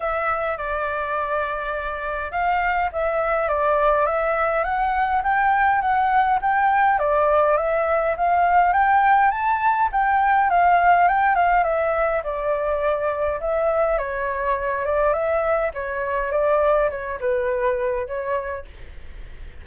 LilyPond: \new Staff \with { instrumentName = "flute" } { \time 4/4 \tempo 4 = 103 e''4 d''2. | f''4 e''4 d''4 e''4 | fis''4 g''4 fis''4 g''4 | d''4 e''4 f''4 g''4 |
a''4 g''4 f''4 g''8 f''8 | e''4 d''2 e''4 | cis''4. d''8 e''4 cis''4 | d''4 cis''8 b'4. cis''4 | }